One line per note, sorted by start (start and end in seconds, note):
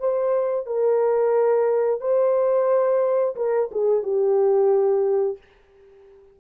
0.00 0.66 C5
0.66 2.01 A#4
2.01 3.36 C5
3.36 3.70 A#4
3.72 4.03 G#4
4.03 5.38 G4